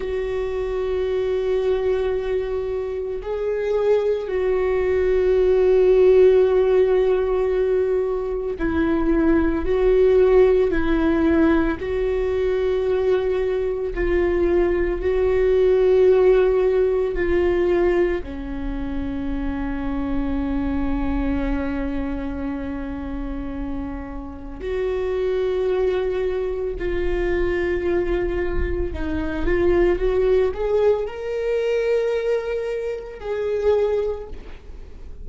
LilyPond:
\new Staff \with { instrumentName = "viola" } { \time 4/4 \tempo 4 = 56 fis'2. gis'4 | fis'1 | e'4 fis'4 e'4 fis'4~ | fis'4 f'4 fis'2 |
f'4 cis'2.~ | cis'2. fis'4~ | fis'4 f'2 dis'8 f'8 | fis'8 gis'8 ais'2 gis'4 | }